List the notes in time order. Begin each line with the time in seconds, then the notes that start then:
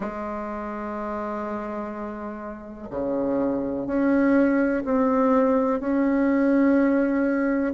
0.00 G#3
2.90 C#3
3.87 C#4
4.84 C4
5.80 C#4